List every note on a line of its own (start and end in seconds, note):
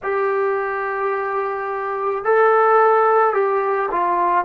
0.03 2.24 G4
2.24 3.33 A4
3.33 3.89 G4
3.91 4.44 F4